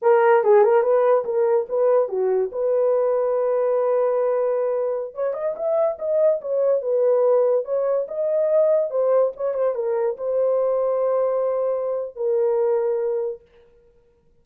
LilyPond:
\new Staff \with { instrumentName = "horn" } { \time 4/4 \tempo 4 = 143 ais'4 gis'8 ais'8 b'4 ais'4 | b'4 fis'4 b'2~ | b'1~ | b'16 cis''8 dis''8 e''4 dis''4 cis''8.~ |
cis''16 b'2 cis''4 dis''8.~ | dis''4~ dis''16 c''4 cis''8 c''8 ais'8.~ | ais'16 c''2.~ c''8.~ | c''4 ais'2. | }